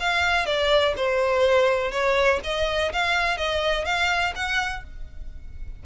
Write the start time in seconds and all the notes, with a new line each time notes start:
0.00 F5
0.46 D5
0.97 C5
1.91 C#5
2.44 D#5
2.93 F5
3.37 D#5
3.85 F5
4.36 F#5